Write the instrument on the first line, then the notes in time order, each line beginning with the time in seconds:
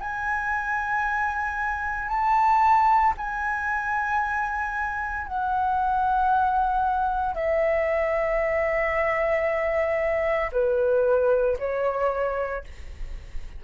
flute
0.00 G#5
2.09 A5
3.18 G#5
5.27 F#5
7.35 E5
10.52 B4
11.59 C#5